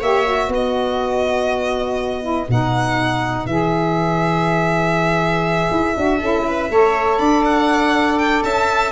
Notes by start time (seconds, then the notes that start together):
0.00 A#3 G4 C#5 E5
0.25 F#4
0.48 B3 B4
0.54 D#5
2.21 E4
2.49 B2 D#4 F#5
3.46 E3 G#4 E5
5.71 E4
5.95 D4 F#4
6.19 C#4 E4 A4
6.47 B4
6.70 A3 A4 C#5
7.18 D4 D5 B5
7.45 F#5
8.18 G5
8.43 C#4 E5 A5